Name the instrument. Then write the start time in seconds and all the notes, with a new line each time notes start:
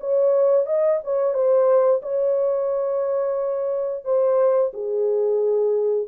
horn
0.00 C#5
0.66 D#5
1.04 C#5
1.33 C5
2.02 C#5
4.04 C5
4.73 G#4